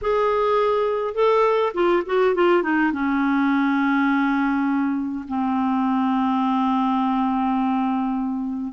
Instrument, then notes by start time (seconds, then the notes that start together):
clarinet
0.01 G#4
1.14 A4
1.74 F4
2.06 F#4
2.34 F4
2.62 D#4
2.92 C#4
5.27 C4